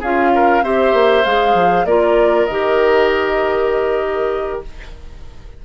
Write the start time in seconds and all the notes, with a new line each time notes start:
0.00 C#4 F4 G#4 F5
0.35 A#4
0.63 C4 G4 C5 E5
0.93 A#3
1.25 G#3 G#4 F5
1.54 F3
1.85 A#3 F4 A#4 D5
2.46 D#3 G4 D#5